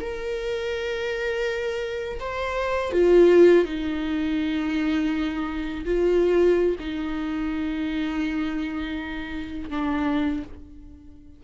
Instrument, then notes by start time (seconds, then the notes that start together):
viola
0.00 A#4
2.20 C5
2.92 F4
3.65 D#4
5.85 F4
6.79 D#4
9.70 D4